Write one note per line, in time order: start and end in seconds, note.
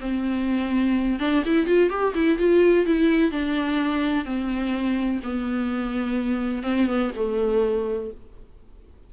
0.00 1.19 C4
1.19 1.43 D4
1.45 1.66 E4
1.66 1.89 F4
1.89 2.13 G4
2.14 2.38 E4
2.38 2.85 F4
2.85 3.31 E4
3.31 4.25 D4
4.25 5.20 C4
5.23 6.63 B3
6.63 6.87 C4
6.87 7.11 B3
7.16 8.11 A3